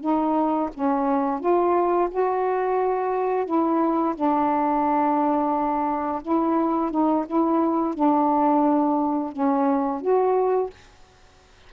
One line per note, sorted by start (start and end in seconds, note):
0.00 0.69 D#4
0.73 1.39 C#4
1.39 2.08 F4
2.10 3.45 F#4
3.45 4.14 E4
4.15 6.22 D4
6.22 6.90 E4
6.90 7.25 D#4
7.26 7.94 E4
7.94 9.32 D4
9.32 10.01 C#4
10.01 10.70 F#4